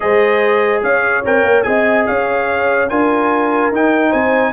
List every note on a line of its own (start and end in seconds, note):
0.00 0.82 G#3
0.00 1.23 G#4
0.00 0.84 C5
0.00 0.82 D#5
0.82 1.24 C#4
0.82 1.67 C#5
0.82 1.24 F5
1.24 1.43 C4
1.24 1.64 A#4
1.24 1.62 G5
1.43 1.64 A#3
1.62 2.07 C4
1.62 2.88 G#4
1.62 2.08 D#5
1.62 2.04 G#5
2.06 2.89 C#4
2.06 2.90 C#5
2.06 2.89 F5
2.89 3.71 D4
2.89 3.72 F4
2.89 4.09 A#4
2.89 3.72 G#5
3.71 4.12 D#4
3.71 4.52 D#4
3.71 4.12 G5
4.09 4.52 C4
4.09 4.51 C5
4.09 4.52 G#5